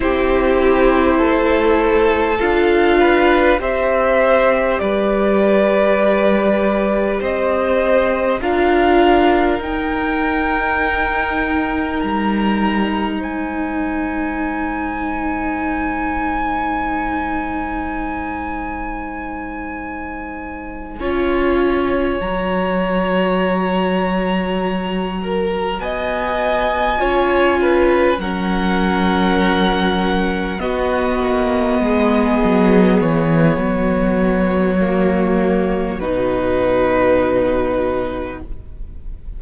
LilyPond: <<
  \new Staff \with { instrumentName = "violin" } { \time 4/4 \tempo 4 = 50 c''2 f''4 e''4 | d''2 dis''4 f''4 | g''2 ais''4 gis''4~ | gis''1~ |
gis''2~ gis''8 ais''4.~ | ais''4. gis''2 fis''8~ | fis''4. dis''2 cis''8~ | cis''2 b'2 | }
  \new Staff \with { instrumentName = "violin" } { \time 4/4 g'4 a'4. b'8 c''4 | b'2 c''4 ais'4~ | ais'2. c''4~ | c''1~ |
c''4. cis''2~ cis''8~ | cis''4 ais'8 dis''4 cis''8 b'8 ais'8~ | ais'4. fis'4 gis'4. | fis'1 | }
  \new Staff \with { instrumentName = "viola" } { \time 4/4 e'2 f'4 g'4~ | g'2. f'4 | dis'1~ | dis'1~ |
dis'4. f'4 fis'4.~ | fis'2~ fis'8 f'4 cis'8~ | cis'4. b2~ b8~ | b4 ais4 dis'2 | }
  \new Staff \with { instrumentName = "cello" } { \time 4/4 c'4 a4 d'4 c'4 | g2 c'4 d'4 | dis'2 g4 gis4~ | gis1~ |
gis4. cis'4 fis4.~ | fis4. b4 cis'4 fis8~ | fis4. b8 ais8 gis8 fis8 e8 | fis2 b,2 | }
>>